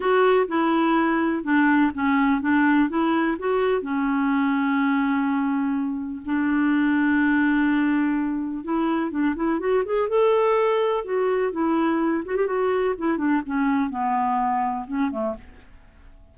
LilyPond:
\new Staff \with { instrumentName = "clarinet" } { \time 4/4 \tempo 4 = 125 fis'4 e'2 d'4 | cis'4 d'4 e'4 fis'4 | cis'1~ | cis'4 d'2.~ |
d'2 e'4 d'8 e'8 | fis'8 gis'8 a'2 fis'4 | e'4. fis'16 g'16 fis'4 e'8 d'8 | cis'4 b2 cis'8 a8 | }